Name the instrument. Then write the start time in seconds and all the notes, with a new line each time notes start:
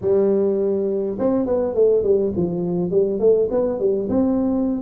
tuba
0.01 G3
1.18 C4
1.46 B3
1.74 A3
2.03 G3
2.36 F3
2.90 G3
3.19 A3
3.51 B3
3.79 G3
4.09 C4